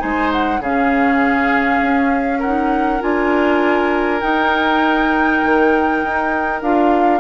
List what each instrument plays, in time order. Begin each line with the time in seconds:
0.00 bassoon G#3, clarinet D#4, oboe C5, flute G#5
0.33 flute F#5
0.60 bassoon C#3, clarinet C#4, oboe G#4, flute F5
1.82 bassoon C#4
2.39 clarinet D#4, oboe A#4, flute F#5
3.01 bassoon D4, clarinet F4, flute G#5
4.21 clarinet D#4, bassoon D#4, flute G5
5.44 bassoon D#3
6.04 bassoon D#4
6.62 bassoon D4, clarinet F4, flute F5